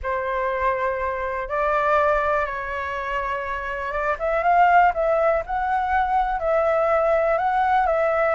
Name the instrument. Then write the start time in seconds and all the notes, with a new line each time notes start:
flute
0.02 C5
1.48 D5
2.46 C#5
3.92 D5
4.19 E5
4.43 F5
4.93 E5
5.46 F#5
6.39 E5
7.38 F#5
7.86 E5